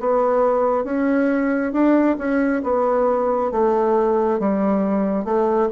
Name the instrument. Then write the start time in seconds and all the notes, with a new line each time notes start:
bassoon
0.00 B3
0.84 C#4
1.72 D4
2.18 C#4
2.64 B3
3.51 A3
4.40 G3
5.25 A3